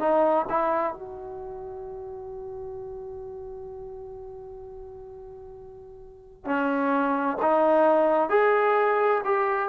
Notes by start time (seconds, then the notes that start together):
0.00 D#4
0.50 E4
0.94 F#4
6.45 C#4
7.42 D#4
8.30 G#4
9.25 G4